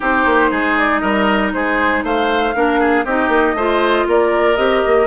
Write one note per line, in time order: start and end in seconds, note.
0.00 0.25 C4
0.00 2.53 D#4
0.00 0.51 G4
0.00 0.78 C5
0.25 0.51 A#3
0.51 1.02 G#3
0.51 1.01 G#4
0.78 0.99 D5
0.99 1.53 G3
0.99 1.52 A#4
0.99 1.50 D#5
1.53 2.03 G#3
1.53 2.04 G#4
1.53 2.04 C5
2.03 2.54 A3
2.03 2.55 C5
2.03 3.05 F5
2.54 3.05 A#3
2.54 3.05 D4
2.54 2.80 A#4
2.80 3.04 G#4
3.04 3.28 C4
3.04 3.57 D#4
3.04 3.55 G4
3.04 4.07 D#5
3.28 3.53 A#3
3.53 4.04 A3
3.53 4.56 F4
3.53 4.07 C5
4.07 4.57 A#3
4.07 5.06 A#4
4.07 4.56 D5
4.56 4.83 C4
4.56 5.06 G4
4.56 5.06 D#5
4.86 5.06 A#3